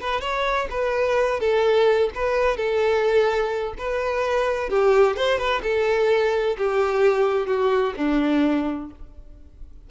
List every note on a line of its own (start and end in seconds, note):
0.00 0.20 B4
0.20 0.67 C#5
0.70 1.39 B4
1.39 2.10 A4
2.14 2.56 B4
2.56 3.74 A4
3.78 4.69 B4
4.69 5.16 G4
5.16 5.38 C5
5.38 5.61 B4
5.62 6.56 A4
6.57 7.46 G4
7.46 7.93 F#4
7.96 8.90 D4